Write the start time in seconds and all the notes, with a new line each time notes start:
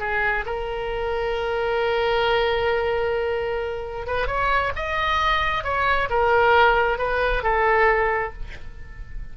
0.00 G#4
0.46 A#4
4.07 B4
4.28 C#5
4.76 D#5
5.64 C#5
6.10 A#4
6.99 B4
7.43 A4